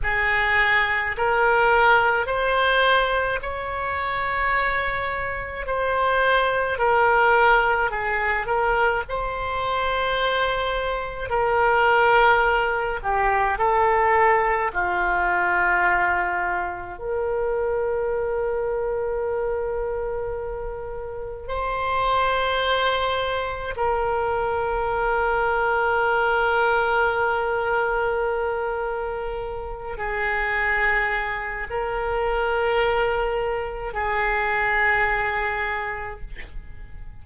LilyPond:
\new Staff \with { instrumentName = "oboe" } { \time 4/4 \tempo 4 = 53 gis'4 ais'4 c''4 cis''4~ | cis''4 c''4 ais'4 gis'8 ais'8 | c''2 ais'4. g'8 | a'4 f'2 ais'4~ |
ais'2. c''4~ | c''4 ais'2.~ | ais'2~ ais'8 gis'4. | ais'2 gis'2 | }